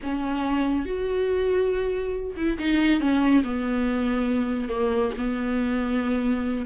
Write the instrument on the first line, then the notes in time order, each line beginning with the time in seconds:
viola
0.02 C#4
0.85 F#4
2.36 E4
2.58 D#4
3.00 C#4
3.43 B3
4.68 A#3
5.17 B3